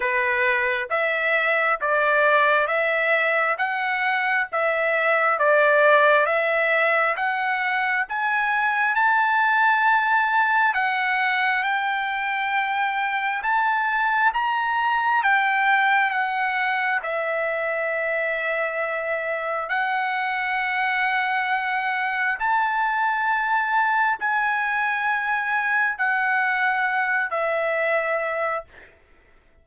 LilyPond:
\new Staff \with { instrumentName = "trumpet" } { \time 4/4 \tempo 4 = 67 b'4 e''4 d''4 e''4 | fis''4 e''4 d''4 e''4 | fis''4 gis''4 a''2 | fis''4 g''2 a''4 |
ais''4 g''4 fis''4 e''4~ | e''2 fis''2~ | fis''4 a''2 gis''4~ | gis''4 fis''4. e''4. | }